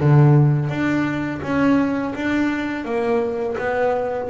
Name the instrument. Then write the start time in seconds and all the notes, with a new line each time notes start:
double bass
0.00 D3
0.69 D4
1.43 C#4
2.15 D4
2.85 A#3
3.58 B3